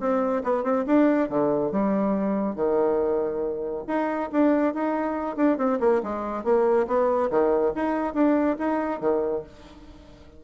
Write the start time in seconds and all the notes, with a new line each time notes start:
0.00 C4
0.44 B3
0.64 C4
0.87 D4
1.30 D3
1.72 G3
2.56 D#3
3.87 D#4
4.32 D4
4.74 D#4
5.37 D4
5.58 C4
5.80 A#3
6.03 G#3
6.44 A#3
6.87 B3
7.31 D#3
7.76 D#4
8.14 D4
8.59 D#4
9.01 D#3